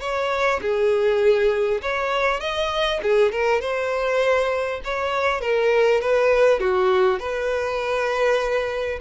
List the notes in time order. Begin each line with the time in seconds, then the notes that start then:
0.00 C#5
0.61 G#4
1.82 C#5
2.40 D#5
3.02 G#4
3.32 A#4
3.61 C5
4.84 C#5
5.41 A#4
6.01 B4
6.60 F#4
7.19 B4